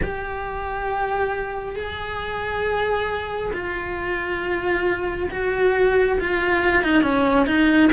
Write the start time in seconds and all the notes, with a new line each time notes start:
0.02 G4
1.75 G#4
3.53 F4
5.30 F#4
6.20 F4
6.83 D#4
7.02 C#4
7.46 D#4